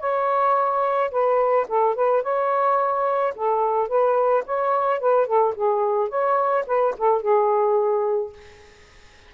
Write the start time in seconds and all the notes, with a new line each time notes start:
0.00 C#5
1.11 B4
1.68 A4
1.95 B4
2.23 C#5
3.36 A4
3.89 B4
4.46 C#5
5.00 B4
5.27 A4
5.55 G#4
6.10 C#5
6.67 B4
6.98 A4
7.22 G#4